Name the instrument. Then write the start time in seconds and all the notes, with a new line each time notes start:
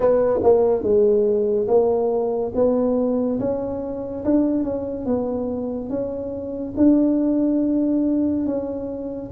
tuba
0.00 B3
0.43 A#3
0.82 G#3
1.67 A#3
2.54 B3
3.39 C#4
4.24 D4
4.63 C#4
5.05 B3
5.89 C#4
6.76 D4
8.46 C#4